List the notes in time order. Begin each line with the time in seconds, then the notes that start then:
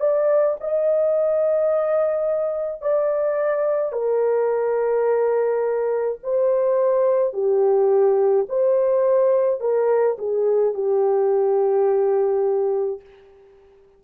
0.00 D5
0.61 D#5
2.82 D5
3.93 A#4
6.24 C5
7.34 G4
8.49 C5
9.61 A#4
10.19 G#4
10.74 G4